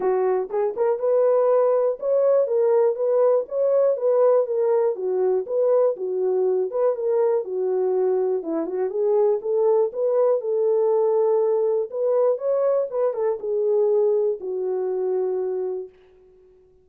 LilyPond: \new Staff \with { instrumentName = "horn" } { \time 4/4 \tempo 4 = 121 fis'4 gis'8 ais'8 b'2 | cis''4 ais'4 b'4 cis''4 | b'4 ais'4 fis'4 b'4 | fis'4. b'8 ais'4 fis'4~ |
fis'4 e'8 fis'8 gis'4 a'4 | b'4 a'2. | b'4 cis''4 b'8 a'8 gis'4~ | gis'4 fis'2. | }